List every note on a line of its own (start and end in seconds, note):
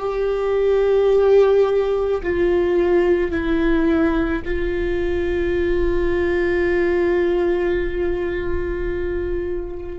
0.00 2.22 G4
2.23 3.32 F4
3.32 4.43 E4
4.45 9.99 F4